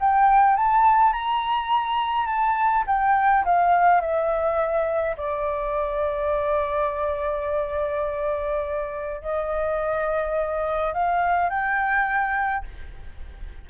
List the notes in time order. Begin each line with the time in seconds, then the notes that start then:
0.00 G5
0.56 A5
1.13 A#5
2.27 A5
2.87 G5
3.45 F5
4.01 E5
5.17 D5
9.21 D#5
10.94 F5
11.50 G5